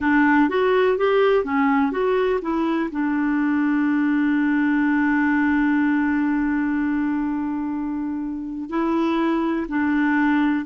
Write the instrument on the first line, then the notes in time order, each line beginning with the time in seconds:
clarinet
0.00 D4
0.49 F#4
0.97 G4
1.44 C#4
1.91 F#4
2.41 E4
2.91 D4
8.69 E4
9.68 D4